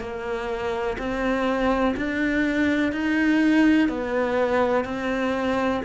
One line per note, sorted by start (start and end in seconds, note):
0.00 0.97 A#3
0.98 1.95 C4
1.97 2.92 D4
2.92 3.88 D#4
3.88 4.84 B3
4.84 5.81 C4